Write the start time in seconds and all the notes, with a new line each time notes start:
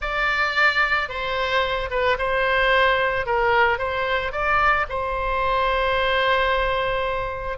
0.01 D5
1.08 C5
1.90 B4
2.18 C5
3.26 A#4
3.78 C5
4.31 D5
4.89 C5